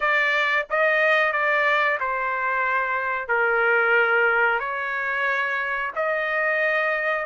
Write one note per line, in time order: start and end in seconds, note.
0.00 0.66 D5
0.70 1.32 D#5
1.32 1.98 D5
1.99 3.28 C5
3.28 4.59 A#4
4.59 5.91 C#5
5.95 7.25 D#5